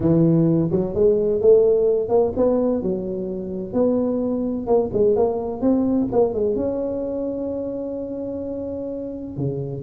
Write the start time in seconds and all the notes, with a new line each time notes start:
0.00 E3
0.71 F#3
0.94 G#3
1.41 A3
2.08 A#3
2.36 B3
2.82 F#3
3.73 B3
4.66 A#3
4.93 G#3
5.16 A#3
5.61 C4
6.12 A#3
6.33 G#3
6.55 C#4
9.36 C#3